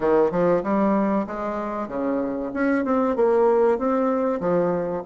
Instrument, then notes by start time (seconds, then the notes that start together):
bassoon
0.00 D#3
0.31 F3
0.63 G3
1.27 G#3
1.88 C#3
2.53 C#4
2.84 C4
3.16 A#3
3.78 C4
4.40 F3